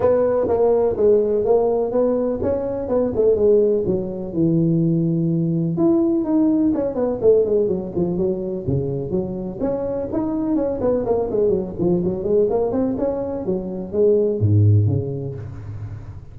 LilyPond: \new Staff \with { instrumentName = "tuba" } { \time 4/4 \tempo 4 = 125 b4 ais4 gis4 ais4 | b4 cis'4 b8 a8 gis4 | fis4 e2. | e'4 dis'4 cis'8 b8 a8 gis8 |
fis8 f8 fis4 cis4 fis4 | cis'4 dis'4 cis'8 b8 ais8 gis8 | fis8 f8 fis8 gis8 ais8 c'8 cis'4 | fis4 gis4 gis,4 cis4 | }